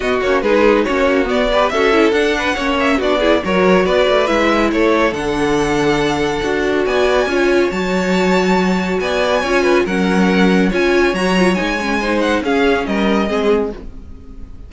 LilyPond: <<
  \new Staff \with { instrumentName = "violin" } { \time 4/4 \tempo 4 = 140 dis''8 cis''8 b'4 cis''4 d''4 | e''4 fis''4. e''8 d''4 | cis''4 d''4 e''4 cis''4 | fis''1 |
gis''2 a''2~ | a''4 gis''2 fis''4~ | fis''4 gis''4 ais''4 gis''4~ | gis''8 fis''8 f''4 dis''2 | }
  \new Staff \with { instrumentName = "violin" } { \time 4/4 fis'4 gis'4 fis'4. b'8 | a'4. b'8 cis''4 fis'8 gis'8 | ais'4 b'2 a'4~ | a'1 |
d''4 cis''2.~ | cis''4 d''4 cis''8 b'8 ais'4~ | ais'4 cis''2. | c''4 gis'4 ais'4 gis'4 | }
  \new Staff \with { instrumentName = "viola" } { \time 4/4 b8 cis'8 dis'4 cis'4 b8 g'8 | fis'8 e'8 d'4 cis'4 d'8 e'8 | fis'2 e'2 | d'2. fis'4~ |
fis'4 f'4 fis'2~ | fis'2 f'4 cis'4~ | cis'4 f'4 fis'8 f'8 dis'8 cis'8 | dis'4 cis'2 c'4 | }
  \new Staff \with { instrumentName = "cello" } { \time 4/4 b8 ais8 gis4 ais4 b4 | cis'4 d'4 ais4 b4 | fis4 b8 a8 gis4 a4 | d2. d'4 |
b4 cis'4 fis2~ | fis4 b4 cis'4 fis4~ | fis4 cis'4 fis4 gis4~ | gis4 cis'4 g4 gis4 | }
>>